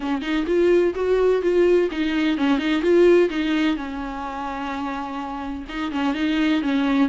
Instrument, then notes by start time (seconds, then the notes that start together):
viola
0.00 C#4
0.21 D#4
0.47 F4
0.94 F#4
1.42 F4
1.91 D#4
2.37 C#4
2.58 D#4
2.82 F4
3.29 D#4
3.76 C#4
5.68 D#4
5.91 C#4
6.14 D#4
6.62 C#4